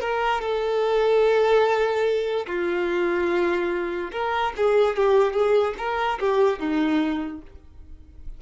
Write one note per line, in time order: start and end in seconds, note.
0.00 0.40 A#4
0.40 2.46 A4
2.46 4.11 F4
4.11 4.52 A#4
4.57 4.96 G#4
4.96 5.33 G4
5.33 5.74 G#4
5.78 6.19 A#4
6.19 6.59 G4
6.59 7.41 D#4